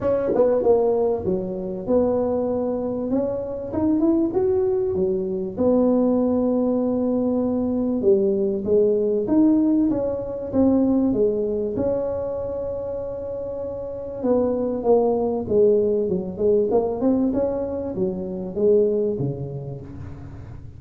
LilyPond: \new Staff \with { instrumentName = "tuba" } { \time 4/4 \tempo 4 = 97 cis'8 b8 ais4 fis4 b4~ | b4 cis'4 dis'8 e'8 fis'4 | fis4 b2.~ | b4 g4 gis4 dis'4 |
cis'4 c'4 gis4 cis'4~ | cis'2. b4 | ais4 gis4 fis8 gis8 ais8 c'8 | cis'4 fis4 gis4 cis4 | }